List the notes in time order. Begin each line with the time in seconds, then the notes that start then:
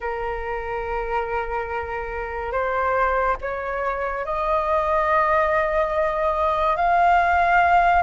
0.00 A#4
2.52 C5
3.41 C#5
4.25 D#5
6.76 F5